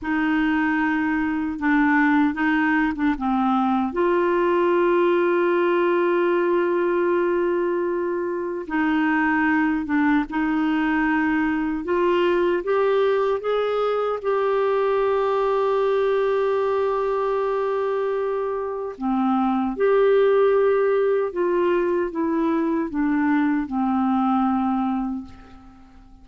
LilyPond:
\new Staff \with { instrumentName = "clarinet" } { \time 4/4 \tempo 4 = 76 dis'2 d'4 dis'8. d'16 | c'4 f'2.~ | f'2. dis'4~ | dis'8 d'8 dis'2 f'4 |
g'4 gis'4 g'2~ | g'1 | c'4 g'2 f'4 | e'4 d'4 c'2 | }